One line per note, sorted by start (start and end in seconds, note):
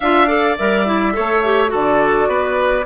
0.00 0.57 D4
0.00 0.27 F4
0.00 0.27 E5
0.00 0.57 F5
0.27 0.56 A4
0.27 1.13 D5
0.57 1.16 G3
0.57 0.85 A#4
0.57 1.71 E5
0.85 1.13 E4
1.13 1.73 A3
1.13 1.41 A4
1.13 1.71 C#5
1.44 1.67 G4
1.67 2.82 F#4
1.67 2.28 A4
1.73 2.27 D3
1.73 2.85 D5
2.27 2.84 B3
2.27 2.85 B4